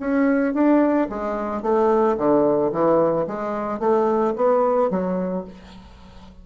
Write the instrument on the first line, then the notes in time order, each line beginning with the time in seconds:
bassoon
0.00 C#4
0.54 D4
1.10 G#3
1.62 A3
2.18 D3
2.72 E3
3.28 G#3
3.80 A3
4.36 B3
4.90 F#3